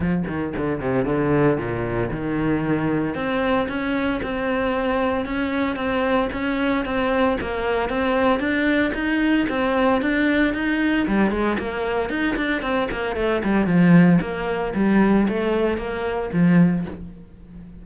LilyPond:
\new Staff \with { instrumentName = "cello" } { \time 4/4 \tempo 4 = 114 f8 dis8 d8 c8 d4 ais,4 | dis2 c'4 cis'4 | c'2 cis'4 c'4 | cis'4 c'4 ais4 c'4 |
d'4 dis'4 c'4 d'4 | dis'4 g8 gis8 ais4 dis'8 d'8 | c'8 ais8 a8 g8 f4 ais4 | g4 a4 ais4 f4 | }